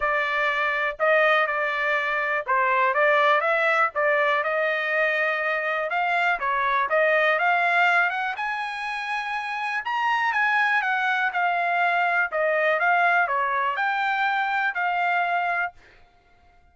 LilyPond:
\new Staff \with { instrumentName = "trumpet" } { \time 4/4 \tempo 4 = 122 d''2 dis''4 d''4~ | d''4 c''4 d''4 e''4 | d''4 dis''2. | f''4 cis''4 dis''4 f''4~ |
f''8 fis''8 gis''2. | ais''4 gis''4 fis''4 f''4~ | f''4 dis''4 f''4 cis''4 | g''2 f''2 | }